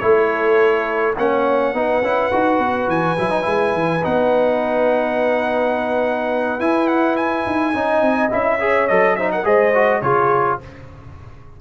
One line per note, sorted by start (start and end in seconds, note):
0.00 1.17 A3
0.00 1.15 E4
0.00 1.19 A4
0.00 1.14 C#5
1.18 1.74 A#3
1.18 1.75 C#4
1.18 1.76 C#5
1.18 2.90 F#5
1.74 2.02 B3
1.74 2.03 D#4
1.74 7.74 B4
2.02 2.31 C#4
2.02 2.32 E4
2.32 2.59 D#4
2.32 3.18 F#4
2.59 2.88 B3
2.88 3.16 E3
2.88 4.05 G#5
3.19 3.47 F#3
3.19 3.30 E4
3.30 3.43 D#4
3.43 3.74 G#3
3.43 4.00 E4
3.74 4.03 E3
4.03 6.60 B3
4.03 6.60 D#4
4.03 6.61 F#5
6.60 7.74 E4
6.60 7.46 E4
6.60 6.88 G#5
6.88 7.16 F#5
7.17 8.31 G#5
7.47 7.75 D#4
7.74 8.02 C#4
7.74 8.31 D#4
7.74 8.59 D#5
8.02 8.31 C4
8.31 8.91 C#4
8.31 8.60 E4
8.31 8.88 E5
8.60 8.89 G#4
8.60 9.17 C#5
8.88 9.46 F#3
8.88 9.19 A4
8.88 9.16 D#5
9.16 9.44 D#4
9.16 9.32 C5
9.16 9.31 E5
9.32 9.47 A#4
9.32 9.46 F#5
9.44 10.02 G#3
9.44 9.72 G#4
9.44 10.03 C5
9.44 10.02 D#5
9.75 10.03 F#4
10.02 10.60 C#3
10.02 10.61 F4
10.02 10.60 G#4
10.02 10.59 C#5